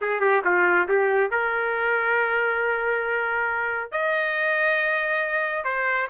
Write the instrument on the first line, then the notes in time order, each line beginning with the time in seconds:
trumpet
0.01 G#4
0.20 G4
0.44 F4
0.88 G4
1.30 A#4
3.91 D#5
5.64 C5